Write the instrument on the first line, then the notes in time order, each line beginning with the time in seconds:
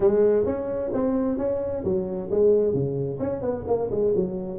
tuba
0.00 G#3
0.45 C#4
0.93 C4
1.38 C#4
1.84 F#3
2.30 G#3
2.73 C#3
3.19 C#4
3.41 B3
3.67 A#3
3.90 G#3
4.15 F#3